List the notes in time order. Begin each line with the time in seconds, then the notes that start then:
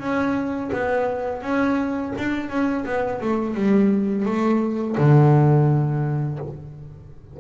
0.00 C#4
0.73 B3
1.42 C#4
2.18 D4
2.50 C#4
2.86 B3
3.21 A3
3.55 G3
4.25 A3
4.98 D3